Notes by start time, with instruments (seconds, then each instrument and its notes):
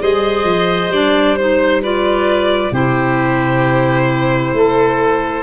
0.00 tuba G3, clarinet G#4, oboe C5, violin D#5
0.44 tuba F3
0.89 tuba G3, clarinet D4, violin D5
1.36 clarinet D#4, violin C5
1.82 clarinet F4, oboe B4, violin D5
2.71 tuba C3, clarinet E4, oboe G4, violin C5
4.53 tuba A3, oboe A4